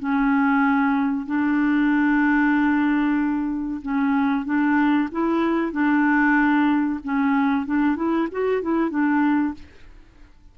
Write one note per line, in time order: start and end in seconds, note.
0.00 1.26 C#4
1.26 3.82 D4
3.83 4.46 C#4
4.46 5.09 D4
5.12 5.73 E4
5.73 7.00 D4
7.04 7.67 C#4
7.67 7.97 D4
7.97 8.29 E4
8.32 8.63 F#4
8.63 8.91 E4
8.91 9.55 D4